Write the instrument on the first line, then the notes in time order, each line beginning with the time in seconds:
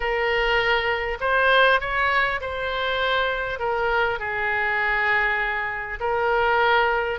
oboe
0.00 A#4
1.20 C5
1.80 C#5
2.40 C5
3.59 A#4
4.19 G#4
5.99 A#4